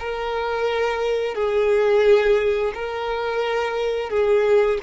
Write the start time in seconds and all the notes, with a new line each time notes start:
0.00 A#4
1.35 G#4
2.74 A#4
4.10 G#4